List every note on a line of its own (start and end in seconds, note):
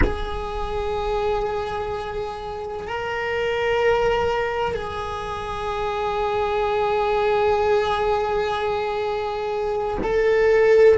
0.03 2.87 G#4
2.87 4.74 A#4
4.74 9.97 G#4
10.03 10.97 A4